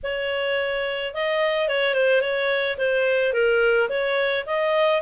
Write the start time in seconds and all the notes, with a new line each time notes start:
0.03 C#5
1.14 D#5
1.68 C#5
1.93 C5
2.21 C#5
2.78 C5
3.33 A#4
3.89 C#5
4.45 D#5